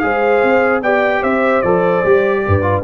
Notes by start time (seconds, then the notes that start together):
0.00 G#3 G#4 C5 F5
0.44 C4
0.82 B3 G4 D5 G5
1.21 C4 C5 E5
1.62 F3 A4 D5
2.05 G3 G4
2.47 G2 B4
2.62 F4